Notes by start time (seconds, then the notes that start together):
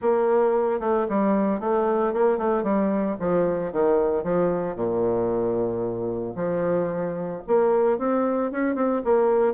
0.01 A#3
0.80 A3
1.08 G3
1.60 A3
2.13 A#3
2.37 A3
2.63 G3
3.19 F3
3.72 D#3
4.23 F3
4.75 A#2
6.35 F3
7.47 A#3
7.98 C4
8.51 C#4
8.75 C4
9.04 A#3